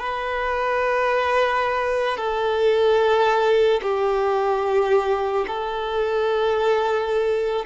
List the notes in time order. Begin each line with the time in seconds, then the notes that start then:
0.00 B4
2.18 A4
3.83 G4
5.48 A4